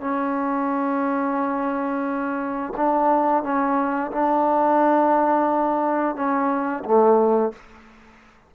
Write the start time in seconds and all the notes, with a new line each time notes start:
0.00 C#4
2.76 D4
3.43 C#4
4.11 D4
6.15 C#4
6.84 A3